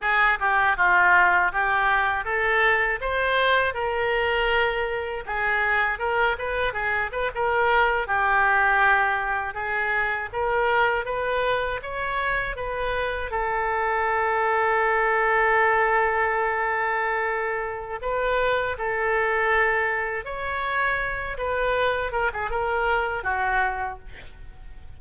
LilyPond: \new Staff \with { instrumentName = "oboe" } { \time 4/4 \tempo 4 = 80 gis'8 g'8 f'4 g'4 a'4 | c''4 ais'2 gis'4 | ais'8 b'8 gis'8 b'16 ais'4 g'4~ g'16~ | g'8. gis'4 ais'4 b'4 cis''16~ |
cis''8. b'4 a'2~ a'16~ | a'1 | b'4 a'2 cis''4~ | cis''8 b'4 ais'16 gis'16 ais'4 fis'4 | }